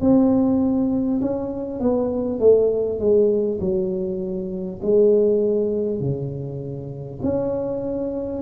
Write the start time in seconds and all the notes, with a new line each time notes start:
0.00 C4
1.21 C#4
1.79 B3
2.39 A3
2.99 G#3
3.60 F#3
4.82 G#3
6.00 C#3
7.22 C#4